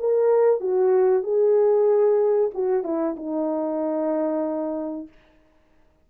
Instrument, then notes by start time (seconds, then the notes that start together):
horn
0.00 A#4
0.61 F#4
1.24 G#4
2.55 F#4
2.84 E4
3.17 D#4